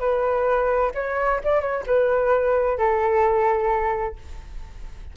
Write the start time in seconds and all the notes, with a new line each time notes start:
0.00 B4
0.95 C#5
1.44 D5
1.61 C#5
1.87 B4
2.79 A4